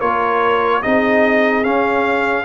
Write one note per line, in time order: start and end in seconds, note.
0.00 0.84 A#3
0.00 0.83 F4
0.00 0.82 A#4
0.00 0.83 C#5
0.83 1.67 C4
0.83 1.64 D#4
0.83 2.45 G#4
0.83 1.64 D#5
1.64 2.45 C#4
1.64 2.45 F5